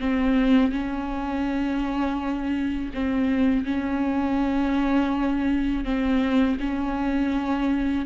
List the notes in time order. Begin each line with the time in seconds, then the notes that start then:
0.00 C4
0.72 C#4
2.94 C4
3.66 C#4
5.85 C4
6.60 C#4